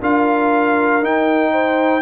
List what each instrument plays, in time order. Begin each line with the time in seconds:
0.00 tuba D4, trombone F4, horn A#4, trumpet F5
1.01 trombone D#4, tuba D#4, trumpet G5
1.52 horn C5